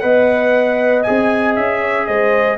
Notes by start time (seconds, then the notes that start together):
0.00 B3 B4 D#5 F#5
1.03 C4 G#4 G#5
1.56 C#4 E5
1.81 C#5
2.07 G#3 C5 D#5